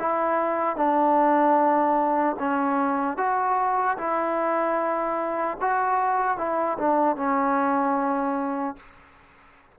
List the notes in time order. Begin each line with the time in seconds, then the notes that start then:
0.00 E4
0.77 D4
2.40 C#4
3.18 F#4
3.98 E4
5.61 F#4
6.38 E4
6.79 D4
7.17 C#4